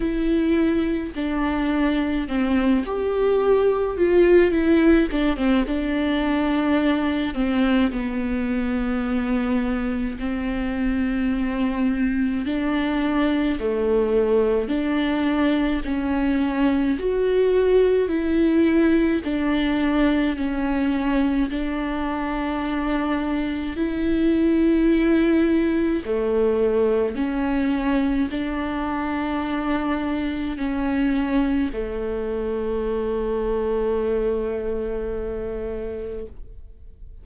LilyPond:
\new Staff \with { instrumentName = "viola" } { \time 4/4 \tempo 4 = 53 e'4 d'4 c'8 g'4 f'8 | e'8 d'16 c'16 d'4. c'8 b4~ | b4 c'2 d'4 | a4 d'4 cis'4 fis'4 |
e'4 d'4 cis'4 d'4~ | d'4 e'2 a4 | cis'4 d'2 cis'4 | a1 | }